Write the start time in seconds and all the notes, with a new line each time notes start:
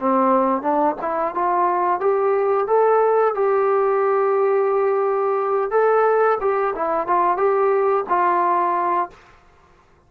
0.00 C4
0.62 D4
1.01 E4
1.35 F4
2.00 G4
2.67 A4
3.35 G4
5.71 A4
6.40 G4
6.75 E4
7.07 F4
7.37 G4
8.09 F4